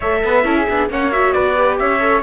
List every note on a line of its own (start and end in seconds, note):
0.00 0.23 A3
0.00 0.43 A4
0.00 0.20 C#5
0.00 0.90 E5
0.23 0.44 B3
0.23 0.45 B4
0.43 0.66 C#4
0.43 0.66 E4
0.43 0.55 A4
0.55 0.89 G#4
0.69 0.89 B3
0.69 0.90 D4
0.89 1.34 A#3
0.89 1.12 C#4
0.89 1.34 C#5
0.89 1.12 F#5
1.12 1.55 F#4
1.12 1.32 E5
1.32 1.79 B3
1.32 1.79 B4
1.32 1.77 D5
1.55 2.00 G4
1.78 2.23 C#4
1.78 2.23 C#5
1.78 2.23 E5
2.00 2.22 A4